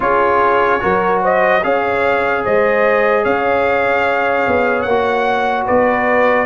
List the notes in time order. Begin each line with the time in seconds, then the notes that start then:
0.00 C#4 F4 G#4 C#5
0.80 F#3 F#4 A#4
1.21 C5 D#5
1.62 C#4 G#4 C#5 F5
2.44 G#3 C5 D#5
3.23 C#4 C#5 F5
4.47 B3
4.82 A#3 F#5
4.89 F#4
5.65 B3 B4 D5